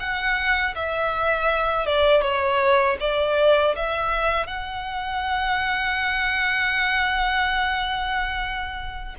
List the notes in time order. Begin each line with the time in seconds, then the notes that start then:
0.00 F#5
0.76 E5
1.86 D5
2.22 C#5
3.00 D5
3.76 E5
4.47 F#5